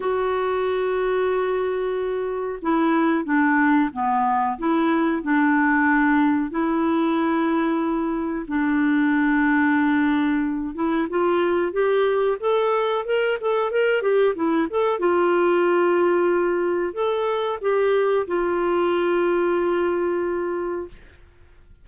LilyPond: \new Staff \with { instrumentName = "clarinet" } { \time 4/4 \tempo 4 = 92 fis'1 | e'4 d'4 b4 e'4 | d'2 e'2~ | e'4 d'2.~ |
d'8 e'8 f'4 g'4 a'4 | ais'8 a'8 ais'8 g'8 e'8 a'8 f'4~ | f'2 a'4 g'4 | f'1 | }